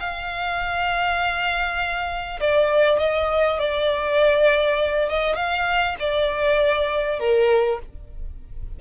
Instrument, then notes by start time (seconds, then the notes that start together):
violin
0.00 F5
2.41 D5
2.99 D#5
3.59 D5
5.09 D#5
5.36 F5
6.00 D5
7.20 A#4